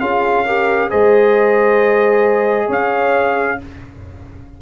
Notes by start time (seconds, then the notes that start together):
0.00 C#4 F4 G#4 F5
0.45 G4 A#4
0.90 G#3 G#4 C5 D#5
2.67 C#4 C#5 F5